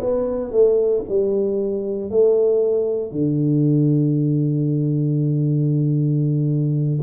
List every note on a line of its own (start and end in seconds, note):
0.00 0.52 B3
0.52 1.03 A3
1.09 2.10 G3
2.10 3.11 A3
3.11 6.99 D3